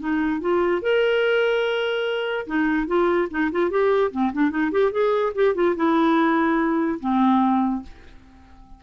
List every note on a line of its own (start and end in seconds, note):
0.00 0.41 D#4
0.41 0.82 F4
0.82 2.47 A#4
2.47 2.88 D#4
2.88 3.29 F4
3.31 3.51 D#4
3.52 3.71 F4
3.71 4.12 G4
4.12 4.32 C4
4.33 4.51 D4
4.51 4.71 D#4
4.72 4.92 G4
4.92 5.33 G#4
5.35 5.55 G4
5.55 5.76 F4
5.76 7.00 E4
7.00 7.83 C4